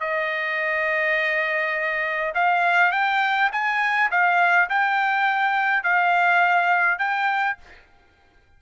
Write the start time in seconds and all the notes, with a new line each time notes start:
0.00 D#5
2.34 F5
2.92 G5
3.52 G#5
4.11 F5
4.69 G5
5.83 F5
6.98 G5